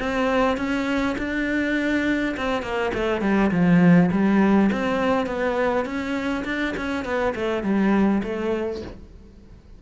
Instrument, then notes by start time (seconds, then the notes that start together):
cello
0.00 C4
0.58 C#4
1.19 D4
2.37 C4
2.63 A#3
2.94 A3
3.22 G3
3.52 F3
4.12 G3
4.72 C4
5.27 B3
5.86 C#4
6.45 D4
6.77 C#4
7.05 B3
7.36 A3
7.64 G3
8.24 A3